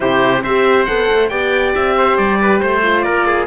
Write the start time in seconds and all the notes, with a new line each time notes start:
0.00 C3 E4 G4 C5
0.43 C4 G4 C5 E5
0.85 B3 A4 F#5
1.11 A3
1.28 B3 G4 D5 G5
1.74 C4 E5
1.97 C5
2.17 G3 D5
2.41 B4
2.59 A3 C5
2.82 F4
3.01 A#3 A#4 D5
3.26 G#4